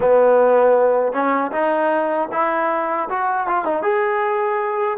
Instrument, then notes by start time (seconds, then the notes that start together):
trombone
0.00 B3
1.12 C#4
1.51 D#4
2.31 E4
3.09 F#4
3.47 F4
3.64 D#4
3.82 G#4